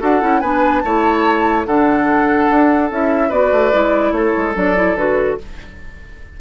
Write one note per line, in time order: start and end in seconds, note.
0.00 0.22 D4
0.00 0.21 F#4
0.00 0.41 A4
0.00 0.40 F#5
0.21 0.42 C#4
0.21 0.42 E4
0.40 0.83 B3
0.40 0.84 D4
0.40 0.82 B4
0.40 0.80 G#5
0.80 1.66 A3
0.80 1.67 E4
0.80 1.67 C#5
0.80 1.63 A5
1.66 2.49 D3
1.66 2.91 D4
1.66 3.29 A4
1.66 2.91 F#5
2.50 2.91 D4
2.91 3.31 C#4
2.91 3.31 E4
2.91 3.31 E5
3.29 3.52 B3
3.29 3.72 F#4
3.29 4.11 B4
3.29 4.13 D5
3.52 3.72 A3
3.72 4.12 G#3
3.72 4.55 E4
4.12 4.32 A3
4.12 5.41 A4
4.12 4.54 C#5
4.37 4.55 G#3
4.55 4.96 F#3
4.55 4.75 D4
4.55 4.97 D5
4.76 4.97 E4
4.96 5.37 D3
4.96 5.38 F#4
4.96 5.38 B4